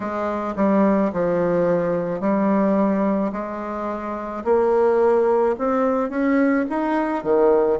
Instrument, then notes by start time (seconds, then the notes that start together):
bassoon
0.00 G#3
0.56 G3
1.12 F3
2.20 G3
3.32 G#3
4.44 A#3
5.58 C4
6.09 C#4
6.69 D#4
7.23 D#3